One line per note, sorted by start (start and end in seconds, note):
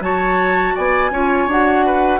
0.00 0.73 F#3
0.00 1.11 F#4
0.00 0.74 C#5
0.00 0.75 A5
0.74 1.10 B3
0.74 1.11 D5
0.74 1.50 G#5
1.10 1.47 C#4
1.10 1.49 F4
1.10 1.86 C#5
1.47 2.20 D4
1.47 2.20 F#4
1.47 2.20 F#5
1.86 2.20 B4